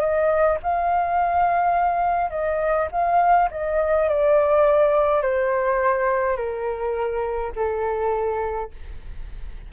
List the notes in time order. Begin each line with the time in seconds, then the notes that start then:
0.00 D#5
0.62 F5
2.30 D#5
2.92 F5
3.51 D#5
4.09 D5
5.22 C5
6.37 A#4
7.55 A4